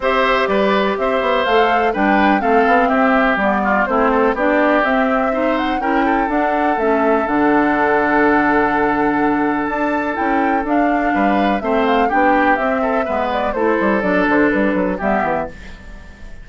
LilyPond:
<<
  \new Staff \with { instrumentName = "flute" } { \time 4/4 \tempo 4 = 124 e''4 d''4 e''4 f''4 | g''4 f''4 e''4 d''4 | c''4 d''4 e''4. fis''8 | g''4 fis''4 e''4 fis''4~ |
fis''1 | a''4 g''4 f''2 | e''8 f''8 g''4 e''4. d''8 | c''4 d''8 c''8 b'4 e''4 | }
  \new Staff \with { instrumentName = "oboe" } { \time 4/4 c''4 b'4 c''2 | b'4 a'4 g'4. f'8 | e'8 a'8 g'2 c''4 | ais'8 a'2.~ a'8~ |
a'1~ | a'2. b'4 | c''4 g'4. a'8 b'4 | a'2. g'4 | }
  \new Staff \with { instrumentName = "clarinet" } { \time 4/4 g'2. a'4 | d'4 c'2 b4 | c'4 d'4 c'4 dis'4 | e'4 d'4 cis'4 d'4~ |
d'1~ | d'4 e'4 d'2 | c'4 d'4 c'4 b4 | e'4 d'2 b4 | }
  \new Staff \with { instrumentName = "bassoon" } { \time 4/4 c'4 g4 c'8 b8 a4 | g4 a8 b8 c'4 g4 | a4 b4 c'2 | cis'4 d'4 a4 d4~ |
d1 | d'4 cis'4 d'4 g4 | a4 b4 c'4 gis4 | a8 g8 fis8 d8 g8 fis8 g8 e8 | }
>>